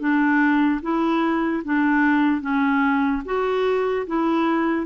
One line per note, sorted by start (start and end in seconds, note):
0.00 0.81 D4
0.82 1.63 E4
1.64 2.41 D4
2.41 3.22 C#4
3.25 4.07 F#4
4.07 4.86 E4